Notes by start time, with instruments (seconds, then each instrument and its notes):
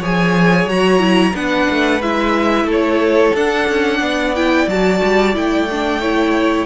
0.00 cello F3, viola G#4, violin C#5 G#5
0.66 cello F#3, viola F#4, violin A#5
0.99 viola E4
1.34 cello B3, viola D4, violin B4 F#5
1.70 cello A3
2.01 cello G#3, viola E4, violin E5
2.64 cello A3, violin A4
2.71 violin C#5
3.35 cello D4, viola D4, violin F#5
3.69 cello C#4
4.00 cello B3, violin D5
4.35 viola E4, violin G5
4.67 cello F#3, viola F#4, violin A5
5.03 cello G3
5.34 cello A3, viola E4, violin G5
5.71 viola D4
6.01 viola E4, violin C#5